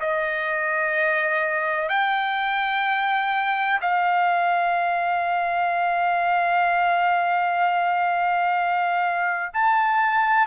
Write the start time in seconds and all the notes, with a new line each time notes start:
0.00 D#5
1.89 G5
3.81 F5
9.53 A5